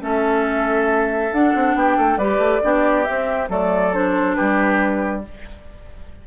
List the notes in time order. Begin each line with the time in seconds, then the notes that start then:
0.00 A3 C#4 A4 E5
1.32 D4 F#5
1.54 C4
1.75 B3 G4 G5
1.97 A3 A4
2.18 G3 G4 B4 D5
2.38 A3
2.62 B3 D4 G4
3.04 C4 E5
3.49 F#3 A3 A4 D5
3.93 D4 C5
4.35 G3 G4 B4